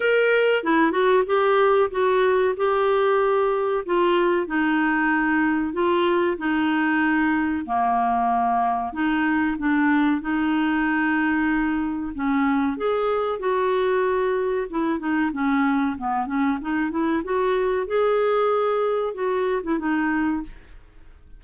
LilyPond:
\new Staff \with { instrumentName = "clarinet" } { \time 4/4 \tempo 4 = 94 ais'4 e'8 fis'8 g'4 fis'4 | g'2 f'4 dis'4~ | dis'4 f'4 dis'2 | ais2 dis'4 d'4 |
dis'2. cis'4 | gis'4 fis'2 e'8 dis'8 | cis'4 b8 cis'8 dis'8 e'8 fis'4 | gis'2 fis'8. e'16 dis'4 | }